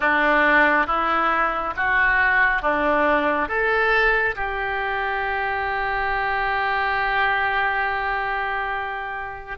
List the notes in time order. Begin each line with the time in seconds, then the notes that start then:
0.00 D4
0.87 E4
1.76 F#4
2.62 D4
3.48 A4
4.35 G4